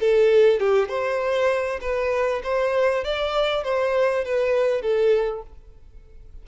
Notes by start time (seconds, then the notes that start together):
0.00 A4
0.60 G4
0.88 C5
1.81 B4
2.43 C5
3.04 D5
3.64 C5
4.25 B4
4.82 A4